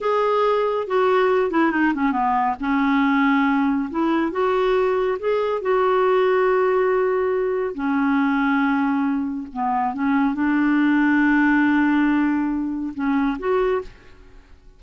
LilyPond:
\new Staff \with { instrumentName = "clarinet" } { \time 4/4 \tempo 4 = 139 gis'2 fis'4. e'8 | dis'8 cis'8 b4 cis'2~ | cis'4 e'4 fis'2 | gis'4 fis'2.~ |
fis'2 cis'2~ | cis'2 b4 cis'4 | d'1~ | d'2 cis'4 fis'4 | }